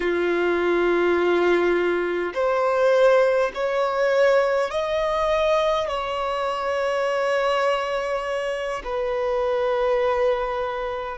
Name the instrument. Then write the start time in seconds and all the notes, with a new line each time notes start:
violin
0.00 F4
2.34 C5
3.54 C#5
4.71 D#5
5.88 C#5
8.84 B4